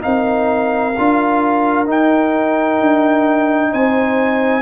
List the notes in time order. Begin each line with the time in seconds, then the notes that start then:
0.00 C4 D#4 A#4 F5
0.98 D4 F4
1.85 D#4 G5
2.80 D4
3.72 C4 C5 G#5